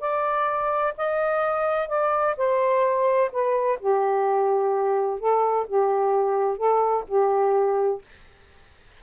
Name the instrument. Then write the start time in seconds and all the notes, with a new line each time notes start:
saxophone
0.00 D5
0.97 D#5
1.88 D5
2.37 C5
3.32 B4
3.79 G4
5.19 A4
5.67 G4
6.57 A4
7.08 G4